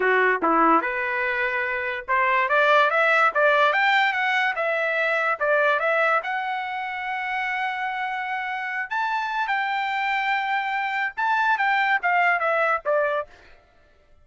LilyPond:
\new Staff \with { instrumentName = "trumpet" } { \time 4/4 \tempo 4 = 145 fis'4 e'4 b'2~ | b'4 c''4 d''4 e''4 | d''4 g''4 fis''4 e''4~ | e''4 d''4 e''4 fis''4~ |
fis''1~ | fis''4. a''4. g''4~ | g''2. a''4 | g''4 f''4 e''4 d''4 | }